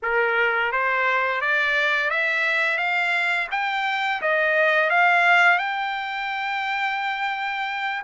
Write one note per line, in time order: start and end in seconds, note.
0.02 0.72 A#4
0.72 1.41 C5
1.41 2.10 D5
2.10 2.77 E5
2.77 3.47 F5
3.51 4.21 G5
4.21 4.90 D#5
4.90 5.58 F5
5.58 8.02 G5